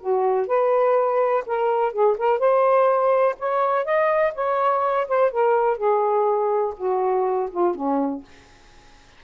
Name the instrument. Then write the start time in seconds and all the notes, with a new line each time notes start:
saxophone
0.00 F#4
0.47 B4
1.46 A#4
1.92 G#4
2.18 A#4
2.39 C5
3.39 C#5
3.85 D#5
4.35 C#5
5.08 C5
5.31 A#4
5.77 G#4
6.77 F#4
7.50 F4
7.75 C#4